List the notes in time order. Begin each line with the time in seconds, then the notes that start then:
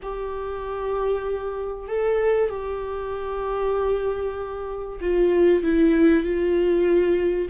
0.02 G4
1.88 A4
2.49 G4
5.01 F4
5.62 E4
6.23 F4